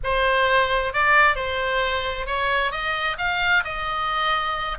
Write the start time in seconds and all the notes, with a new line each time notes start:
0.03 C5
0.93 D5
1.35 C5
2.26 C#5
2.71 D#5
3.18 F5
3.64 D#5